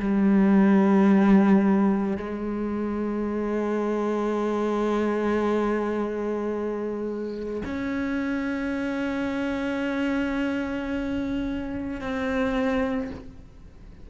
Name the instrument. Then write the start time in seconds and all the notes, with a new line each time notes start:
cello
0.00 G3
2.18 G#3
7.65 C#4
12.01 C4